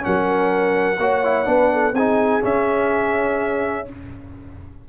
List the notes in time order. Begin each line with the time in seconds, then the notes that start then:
0.00 C#4 F#5
0.06 F#3 A#4
0.98 A#3 F#4 C#5
1.24 E4
1.45 B3 D4 B4
1.73 A4
1.93 C4 D#4 G#4 G#5
2.42 C#4 E5